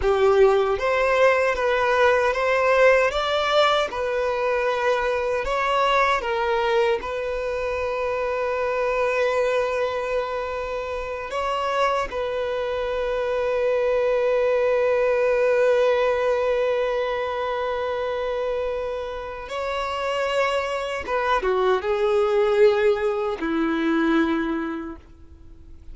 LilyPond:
\new Staff \with { instrumentName = "violin" } { \time 4/4 \tempo 4 = 77 g'4 c''4 b'4 c''4 | d''4 b'2 cis''4 | ais'4 b'2.~ | b'2~ b'8 cis''4 b'8~ |
b'1~ | b'1~ | b'4 cis''2 b'8 fis'8 | gis'2 e'2 | }